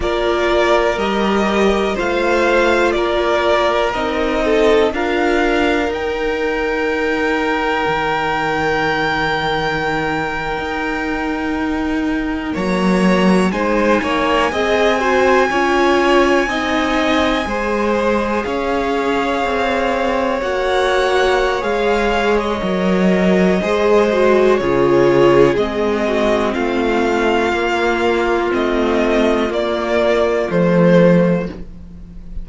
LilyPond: <<
  \new Staff \with { instrumentName = "violin" } { \time 4/4 \tempo 4 = 61 d''4 dis''4 f''4 d''4 | dis''4 f''4 g''2~ | g''1~ | g''8. ais''4 gis''2~ gis''16~ |
gis''2~ gis''8. f''4~ f''16~ | f''8. fis''4~ fis''16 f''8. dis''4~ dis''16~ | dis''4 cis''4 dis''4 f''4~ | f''4 dis''4 d''4 c''4 | }
  \new Staff \with { instrumentName = "violin" } { \time 4/4 ais'2 c''4 ais'4~ | ais'8 a'8 ais'2.~ | ais'1~ | ais'8. cis''4 c''8 cis''8 dis''8 c''8 cis''16~ |
cis''8. dis''4 c''4 cis''4~ cis''16~ | cis''1 | c''4 gis'4. fis'8 f'4~ | f'1 | }
  \new Staff \with { instrumentName = "viola" } { \time 4/4 f'4 g'4 f'2 | dis'4 f'4 dis'2~ | dis'1~ | dis'8. ais4 dis'4 gis'8 fis'8 f'16~ |
f'8. dis'4 gis'2~ gis'16~ | gis'8. fis'4~ fis'16 gis'4 ais'4 | gis'8 fis'8 f'4 c'2 | ais4 c'4 ais4 a4 | }
  \new Staff \with { instrumentName = "cello" } { \time 4/4 ais4 g4 a4 ais4 | c'4 d'4 dis'2 | dis2~ dis8. dis'4~ dis'16~ | dis'8. fis4 gis8 ais8 c'4 cis'16~ |
cis'8. c'4 gis4 cis'4 c'16~ | c'8. ais4~ ais16 gis4 fis4 | gis4 cis4 gis4 a4 | ais4 a4 ais4 f4 | }
>>